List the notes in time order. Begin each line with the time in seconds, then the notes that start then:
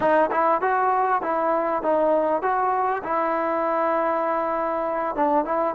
0.00 D#4
0.31 E4
0.61 F#4
1.21 E4
1.82 D#4
2.41 F#4
3.03 E4
5.15 D4
5.45 E4